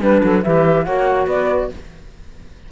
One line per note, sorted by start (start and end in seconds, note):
0.00 0.21 G3
0.00 0.43 D4
0.00 0.21 B4
0.00 0.43 B4
0.21 0.45 F#3
0.21 0.43 A4
0.43 0.86 E3
0.43 0.86 G4
0.43 0.84 B4
0.43 0.84 E5
0.84 1.26 A#3
0.84 1.71 F#4
0.84 1.26 C#5
0.84 1.26 F#5
1.26 1.69 B3
1.26 1.69 B4
1.26 1.71 D5